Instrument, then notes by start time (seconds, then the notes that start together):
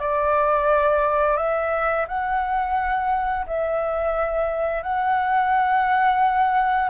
flute
0.00 D5
1.37 E5
2.08 F#5
3.47 E5
4.83 F#5